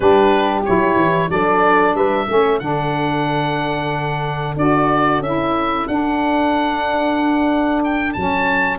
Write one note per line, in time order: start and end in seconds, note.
0.00 0.65 G3
0.00 0.63 D4
0.00 1.31 G4
0.00 0.61 B4
0.65 0.96 F#3
0.65 1.28 E4
0.65 1.30 C#5
0.96 1.28 E3
1.28 1.94 F#3
1.28 2.26 D4
1.28 1.96 A4
1.28 1.95 D5
1.94 2.27 G3
1.94 2.26 B4
1.94 2.59 E5
2.26 2.61 A3
2.26 2.60 C#4
2.26 8.78 A4
2.59 4.56 D3
2.59 4.56 D4
2.59 4.54 F#5
4.56 5.19 D4
4.56 5.23 F#4
4.56 5.22 D5
5.19 5.84 C#4
5.19 5.88 E4
5.19 5.87 E5
5.87 8.16 D4
5.87 7.83 F#5
7.83 8.12 G5
8.12 8.78 F#3
8.12 8.78 C#4
8.12 8.78 A5